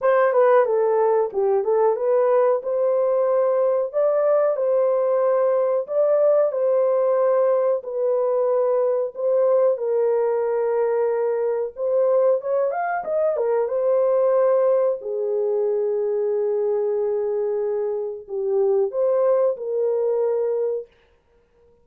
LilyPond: \new Staff \with { instrumentName = "horn" } { \time 4/4 \tempo 4 = 92 c''8 b'8 a'4 g'8 a'8 b'4 | c''2 d''4 c''4~ | c''4 d''4 c''2 | b'2 c''4 ais'4~ |
ais'2 c''4 cis''8 f''8 | dis''8 ais'8 c''2 gis'4~ | gis'1 | g'4 c''4 ais'2 | }